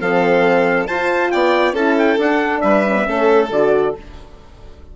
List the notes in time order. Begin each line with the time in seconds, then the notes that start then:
0.00 F3 C4 A4 F5
0.86 F4 C5 A5
1.30 B3 D5 G5
1.72 C#4 E4 A4 A5
1.98 G5
2.18 D4 F#5
2.60 G3 B4 E5
2.87 C#4
2.95 B3
3.05 A3 C#4 A4
3.50 D3 F#4 D5